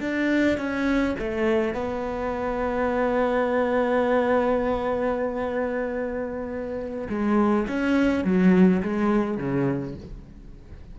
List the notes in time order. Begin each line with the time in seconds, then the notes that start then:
0.00 D4
0.58 C#4
1.19 A3
1.74 B3
7.09 G#3
7.68 C#4
8.24 F#3
8.82 G#3
9.37 C#3